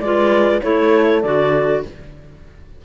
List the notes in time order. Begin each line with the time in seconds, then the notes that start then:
0.00 G#3 F4 B4 D5
0.61 A3 E4 A4 C#5
1.22 D3 F#4 D5